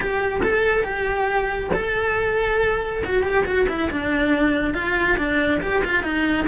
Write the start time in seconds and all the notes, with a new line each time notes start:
0.00 G4
0.42 A4
0.83 G4
1.73 A4
3.05 F#4
3.23 G4
3.45 F#4
3.68 E4
3.90 D4
4.74 F4
5.17 D4
5.61 G4
5.84 F4
6.03 D#4